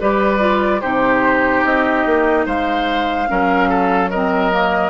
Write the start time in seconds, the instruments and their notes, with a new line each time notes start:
0.00 bassoon G3, clarinet G4, oboe B4, flute D5
0.39 clarinet F4
0.81 bassoon C3, clarinet D#4, oboe G4, flute C5
1.64 bassoon C4, flute D#5
2.05 bassoon A#3
2.46 bassoon G#3, oboe C5, flute F5
3.28 bassoon F#3, clarinet C#4, oboe A#4
3.69 oboe A4
4.10 clarinet C4, oboe A#4, flute D#5
4.52 clarinet A#3